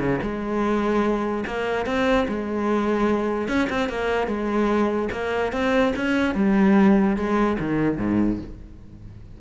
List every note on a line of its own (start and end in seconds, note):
0.00 0.20 C#3
0.22 1.45 G#3
1.47 1.86 A#3
1.86 2.27 C4
2.28 3.48 G#3
3.48 3.69 C#4
3.70 3.90 C4
3.90 4.27 A#3
4.27 5.09 G#3
5.12 5.53 A#3
5.53 5.93 C4
5.96 6.35 C#4
6.35 7.17 G3
7.17 7.57 G#3
7.60 7.98 D#3
7.98 8.39 G#2